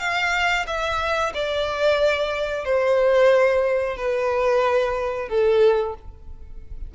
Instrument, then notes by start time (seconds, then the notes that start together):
violin
0.00 F5
0.67 E5
1.34 D5
2.65 C5
3.97 B4
5.29 A4